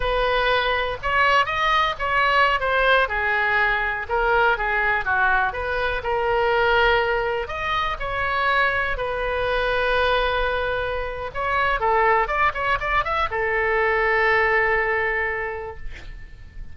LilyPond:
\new Staff \with { instrumentName = "oboe" } { \time 4/4 \tempo 4 = 122 b'2 cis''4 dis''4 | cis''4~ cis''16 c''4 gis'4.~ gis'16~ | gis'16 ais'4 gis'4 fis'4 b'8.~ | b'16 ais'2. dis''8.~ |
dis''16 cis''2 b'4.~ b'16~ | b'2. cis''4 | a'4 d''8 cis''8 d''8 e''8 a'4~ | a'1 | }